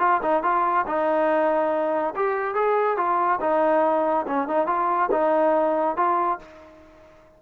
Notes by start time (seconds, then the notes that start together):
0.00 F4
0.22 D#4
0.43 F4
0.87 D#4
2.16 G4
2.55 G#4
2.97 F4
3.41 D#4
4.27 C#4
4.48 D#4
4.67 F4
5.12 D#4
5.97 F4